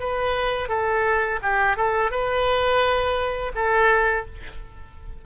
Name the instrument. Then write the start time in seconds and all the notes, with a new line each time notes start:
oboe
0.00 B4
0.69 A4
1.42 G4
1.77 A4
2.11 B4
3.55 A4